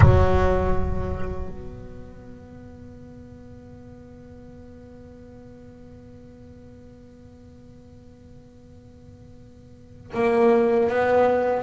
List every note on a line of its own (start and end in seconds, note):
0.00 1.48 F#3
1.48 10.11 B3
10.14 10.89 A#3
10.89 11.62 B3